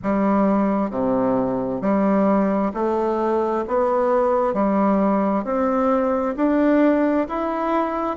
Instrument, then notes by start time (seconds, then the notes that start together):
bassoon
0.02 G3
0.90 C3
1.81 G3
2.74 A3
3.67 B3
4.53 G3
5.44 C4
6.36 D4
7.28 E4